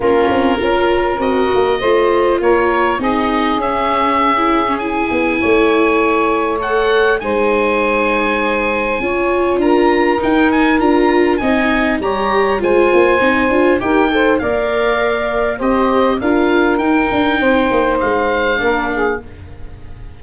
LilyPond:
<<
  \new Staff \with { instrumentName = "oboe" } { \time 4/4 \tempo 4 = 100 ais'2 dis''2 | cis''4 dis''4 e''2 | gis''2. fis''4 | gis''1 |
ais''4 g''8 gis''8 ais''4 gis''4 | ais''4 gis''2 g''4 | f''2 dis''4 f''4 | g''2 f''2 | }
  \new Staff \with { instrumentName = "saxophone" } { \time 4/4 f'4 ais'2 c''4 | ais'4 gis'2.~ | gis'4 cis''2. | c''2. cis''4 |
ais'2. dis''4 | cis''4 c''2 ais'8 c''8 | d''2 c''4 ais'4~ | ais'4 c''2 ais'8 gis'8 | }
  \new Staff \with { instrumentName = "viola" } { \time 4/4 cis'4 f'4 fis'4 f'4~ | f'4 dis'4 cis'4~ cis'16 e'8 cis'16 | e'2. a'4 | dis'2. f'4~ |
f'4 dis'4 f'4 dis'4 | g'4 f'4 dis'8 f'8 g'8 a'8 | ais'2 g'4 f'4 | dis'2. d'4 | }
  \new Staff \with { instrumentName = "tuba" } { \time 4/4 ais8 c'8 cis'4 c'8 ais8 a4 | ais4 c'4 cis'2~ | cis'8 b8 a2. | gis2. cis'4 |
d'4 dis'4 d'4 c'4 | g4 gis8 ais8 c'8 d'8 dis'4 | ais2 c'4 d'4 | dis'8 d'8 c'8 ais8 gis4 ais4 | }
>>